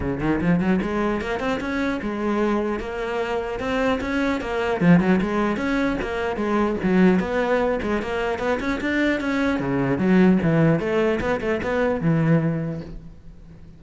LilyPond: \new Staff \with { instrumentName = "cello" } { \time 4/4 \tempo 4 = 150 cis8 dis8 f8 fis8 gis4 ais8 c'8 | cis'4 gis2 ais4~ | ais4 c'4 cis'4 ais4 | f8 fis8 gis4 cis'4 ais4 |
gis4 fis4 b4. gis8 | ais4 b8 cis'8 d'4 cis'4 | cis4 fis4 e4 a4 | b8 a8 b4 e2 | }